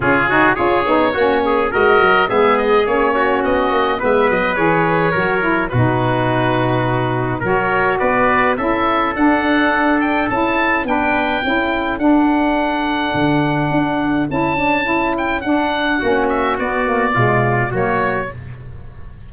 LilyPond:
<<
  \new Staff \with { instrumentName = "oboe" } { \time 4/4 \tempo 4 = 105 gis'4 cis''2 dis''4 | e''8 dis''8 cis''4 dis''4 e''8 dis''8 | cis''2 b'2~ | b'4 cis''4 d''4 e''4 |
fis''4. g''8 a''4 g''4~ | g''4 fis''2.~ | fis''4 a''4. g''8 fis''4~ | fis''8 e''8 d''2 cis''4 | }
  \new Staff \with { instrumentName = "trumpet" } { \time 4/4 f'8 fis'8 gis'4 fis'8 gis'8 ais'4 | gis'4. fis'4. b'4~ | b'4 ais'4 fis'2~ | fis'4 ais'4 b'4 a'4~ |
a'2. b'4 | a'1~ | a'1 | fis'2 f'4 fis'4 | }
  \new Staff \with { instrumentName = "saxophone" } { \time 4/4 cis'8 dis'8 f'8 dis'8 cis'4 fis'4 | b4 cis'2 b4 | gis'4 fis'8 e'8 dis'2~ | dis'4 fis'2 e'4 |
d'2 e'4 d'4 | e'4 d'2.~ | d'4 e'8 d'8 e'4 d'4 | cis'4 b8 ais8 gis4 ais4 | }
  \new Staff \with { instrumentName = "tuba" } { \time 4/4 cis4 cis'8 b8 ais4 gis8 fis8 | gis4 ais4 b8 ais8 gis8 fis8 | e4 fis4 b,2~ | b,4 fis4 b4 cis'4 |
d'2 cis'4 b4 | cis'4 d'2 d4 | d'4 cis'2 d'4 | ais4 b4 b,4 fis4 | }
>>